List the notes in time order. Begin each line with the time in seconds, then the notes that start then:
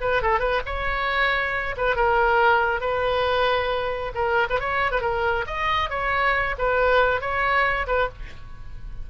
0.00 B4
0.22 A4
0.39 B4
0.65 C#5
1.77 B4
1.95 A#4
2.80 B4
4.14 A#4
4.49 B4
4.59 C#5
4.91 B4
5.01 A#4
5.46 D#5
5.89 C#5
6.58 B4
7.20 C#5
7.87 B4